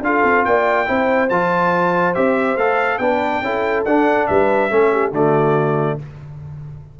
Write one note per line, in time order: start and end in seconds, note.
0.00 0.21 D4
0.00 0.85 F4
0.00 0.47 A4
0.00 0.44 F5
0.23 0.44 C4
0.44 0.88 A#3
0.44 0.88 D5
0.44 1.29 G5
0.85 1.30 C4
0.85 1.28 E4
0.85 3.01 C5
1.29 2.15 F3
1.29 2.14 F4
1.29 2.14 A5
2.14 2.56 C4
2.14 2.57 G4
2.14 2.57 E5
2.56 2.98 A3
2.56 3.01 A4
2.56 2.98 F5
2.98 3.41 B3
2.98 3.43 D4
2.98 3.43 B4
2.98 3.83 G5
3.41 3.84 C#4
3.41 3.86 E4
3.41 4.28 A4
3.84 4.27 D4
3.84 4.70 D4
3.84 4.27 F#5
4.27 4.71 G3
4.27 4.71 B4
4.27 5.12 E5
4.70 5.11 A3
4.70 5.12 C#4
4.70 4.91 A4
4.91 5.12 G4
5.11 5.96 D3
5.11 5.99 A3
5.11 5.97 F#4
5.11 5.99 D5